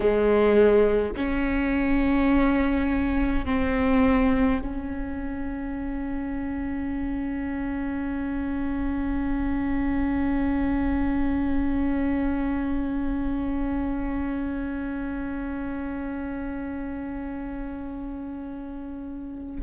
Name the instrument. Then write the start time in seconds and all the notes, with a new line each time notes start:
viola
0.00 G#3
1.16 C#4
3.45 C4
4.62 C#4